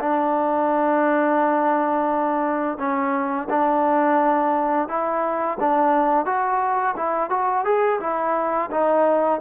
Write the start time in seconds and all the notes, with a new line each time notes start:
0.00 D4
2.78 C#4
3.50 D4
4.89 E4
5.60 D4
6.26 F#4
6.97 E4
7.30 F#4
7.65 G#4
8.01 E4
8.71 D#4